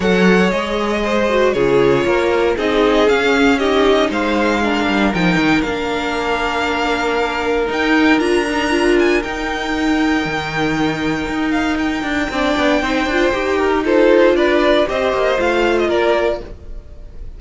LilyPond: <<
  \new Staff \with { instrumentName = "violin" } { \time 4/4 \tempo 4 = 117 fis''4 dis''2 cis''4~ | cis''4 dis''4 f''4 dis''4 | f''2 g''4 f''4~ | f''2. g''4 |
ais''4. gis''8 g''2~ | g''2~ g''8 f''8 g''4~ | g''2. c''4 | d''4 dis''4 f''8. dis''16 d''4 | }
  \new Staff \with { instrumentName = "violin" } { \time 4/4 cis''2 c''4 gis'4 | ais'4 gis'2 g'4 | c''4 ais'2.~ | ais'1~ |
ais'1~ | ais'1 | d''4 c''4. ais'8 a'4 | b'4 c''2 ais'4 | }
  \new Staff \with { instrumentName = "viola" } { \time 4/4 a'4 gis'4. fis'8 f'4~ | f'4 dis'4 cis'4 dis'4~ | dis'4 d'4 dis'4 d'4~ | d'2. dis'4 |
f'8 dis'8 f'4 dis'2~ | dis'1 | d'4 dis'8 f'8 g'4 f'4~ | f'4 g'4 f'2 | }
  \new Staff \with { instrumentName = "cello" } { \time 4/4 fis4 gis2 cis4 | ais4 c'4 cis'2 | gis4. g8 f8 dis8 ais4~ | ais2. dis'4 |
d'2 dis'2 | dis2 dis'4. d'8 | c'8 b8 c'8 d'8 dis'2 | d'4 c'8 ais8 a4 ais4 | }
>>